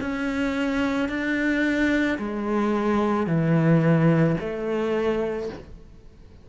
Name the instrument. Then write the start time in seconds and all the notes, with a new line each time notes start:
cello
0.00 C#4
1.09 D4
2.18 G#3
3.27 E3
4.40 A3